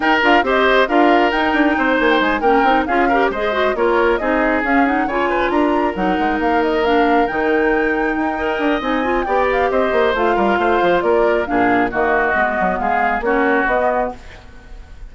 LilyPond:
<<
  \new Staff \with { instrumentName = "flute" } { \time 4/4 \tempo 4 = 136 g''8 f''8 dis''4 f''4 g''4~ | g''8 gis''16 g''16 gis''8 g''4 f''4 dis''8~ | dis''8 cis''4 dis''4 f''8 fis''8 gis''8~ | gis''8 ais''4 fis''4 f''8 dis''8 f''8~ |
f''8 g''2.~ g''8 | gis''4 g''8 f''8 dis''4 f''4~ | f''4 d''4 f''4 dis''4~ | dis''4 f''4 cis''4 dis''4 | }
  \new Staff \with { instrumentName = "oboe" } { \time 4/4 ais'4 c''4 ais'2 | c''4. ais'4 gis'8 ais'8 c''8~ | c''8 ais'4 gis'2 cis''8 | b'8 ais'2.~ ais'8~ |
ais'2. dis''4~ | dis''4 d''4 c''4. ais'8 | c''4 ais'4 gis'4 fis'4~ | fis'4 gis'4 fis'2 | }
  \new Staff \with { instrumentName = "clarinet" } { \time 4/4 dis'8 f'8 g'4 f'4 dis'4~ | dis'4. cis'8 dis'8 f'8 g'8 gis'8 | fis'8 f'4 dis'4 cis'8 dis'8 f'8~ | f'4. dis'2 d'8~ |
d'8 dis'2~ dis'8 ais'4 | dis'8 f'8 g'2 f'4~ | f'2 d'4 ais4 | b2 cis'4 b4 | }
  \new Staff \with { instrumentName = "bassoon" } { \time 4/4 dis'8 d'8 c'4 d'4 dis'8 d'8 | c'8 ais8 gis8 ais8 c'8 cis'4 gis8~ | gis8 ais4 c'4 cis'4 cis8~ | cis8 d'4 fis8 gis8 ais4.~ |
ais8 dis2 dis'4 d'8 | c'4 b4 c'8 ais8 a8 g8 | a8 f8 ais4 ais,4 dis4 | gis8 fis8 gis4 ais4 b4 | }
>>